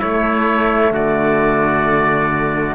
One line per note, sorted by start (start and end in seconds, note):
0.00 0.92 A3
0.00 2.76 A3
0.00 0.92 E4
0.00 0.93 C#5
0.92 2.76 D3
0.92 2.76 F#4
0.92 2.76 D5